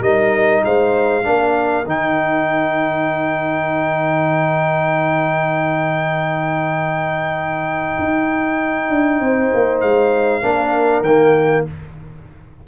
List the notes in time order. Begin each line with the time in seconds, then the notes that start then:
0.00 G3 D#4 A#4 D#5
0.64 G#3 C5 F5
1.23 A#3 D4 A#4
1.86 D#3 D#4 G5
7.98 D#4
8.89 D4
9.20 C4 C5
9.54 A#3
9.80 G#3 F5
10.42 A#3 D4 A#4
11.01 D#3 A#3 G5